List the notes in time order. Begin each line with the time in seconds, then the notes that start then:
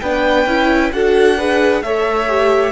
0.00 B3 D4 B4 G5
0.46 C#4 E4
0.93 D4 F#4 A4 F#5
1.38 G#4 B4
1.83 A3 A4 C#5 E5
2.27 G4